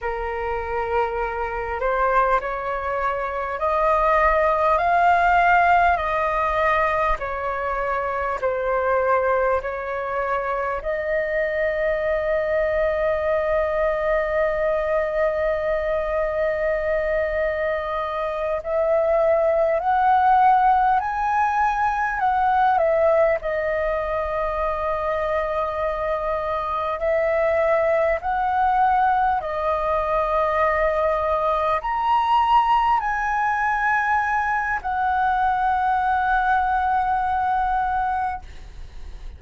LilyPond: \new Staff \with { instrumentName = "flute" } { \time 4/4 \tempo 4 = 50 ais'4. c''8 cis''4 dis''4 | f''4 dis''4 cis''4 c''4 | cis''4 dis''2.~ | dis''2.~ dis''8 e''8~ |
e''8 fis''4 gis''4 fis''8 e''8 dis''8~ | dis''2~ dis''8 e''4 fis''8~ | fis''8 dis''2 ais''4 gis''8~ | gis''4 fis''2. | }